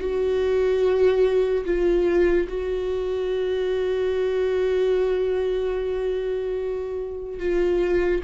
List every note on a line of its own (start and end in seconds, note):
0.00 1.64 F#4
1.65 2.47 F4
2.48 7.39 F#4
7.39 8.22 F4